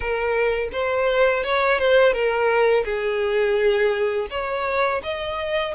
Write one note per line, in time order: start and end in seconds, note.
0.00 0.69 A#4
0.72 1.43 C5
1.43 1.79 C#5
1.79 2.12 C5
2.12 2.84 A#4
2.84 4.27 G#4
4.30 5.01 C#5
5.03 5.74 D#5